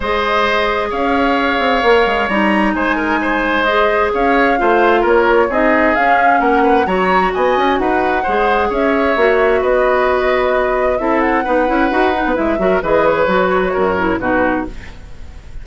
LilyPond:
<<
  \new Staff \with { instrumentName = "flute" } { \time 4/4 \tempo 4 = 131 dis''2 f''2~ | f''4 ais''4 gis''2 | dis''4 f''2 cis''4 | dis''4 f''4 fis''4 ais''4 |
gis''4 fis''2 e''4~ | e''4 dis''2. | e''8 fis''2~ fis''8 e''4 | dis''8 cis''2~ cis''8 b'4 | }
  \new Staff \with { instrumentName = "oboe" } { \time 4/4 c''2 cis''2~ | cis''2 c''8 ais'8 c''4~ | c''4 cis''4 c''4 ais'4 | gis'2 ais'8 b'8 cis''4 |
dis''4 b'4 c''4 cis''4~ | cis''4 b'2. | a'4 b'2~ b'8 ais'8 | b'2 ais'4 fis'4 | }
  \new Staff \with { instrumentName = "clarinet" } { \time 4/4 gis'1 | ais'4 dis'2. | gis'2 f'2 | dis'4 cis'2 fis'4~ |
fis'2 gis'2 | fis'1 | e'4 dis'8 e'8 fis'8 dis'8 e'8 fis'8 | gis'4 fis'4. e'8 dis'4 | }
  \new Staff \with { instrumentName = "bassoon" } { \time 4/4 gis2 cis'4. c'8 | ais8 gis8 g4 gis2~ | gis4 cis'4 a4 ais4 | c'4 cis'4 ais4 fis4 |
b8 cis'8 dis'4 gis4 cis'4 | ais4 b2. | c'4 b8 cis'8 dis'8. b16 gis8 fis8 | e4 fis4 fis,4 b,4 | }
>>